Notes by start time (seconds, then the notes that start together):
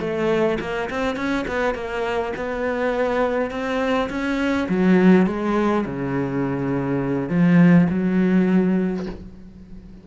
0.00 A3
0.60 A#3
0.90 C4
1.16 C#4
1.48 B3
1.74 A#3
2.36 B3
3.51 C4
4.09 C#4
4.69 F#3
5.26 G#3
5.86 C#3
7.29 F3
7.90 F#3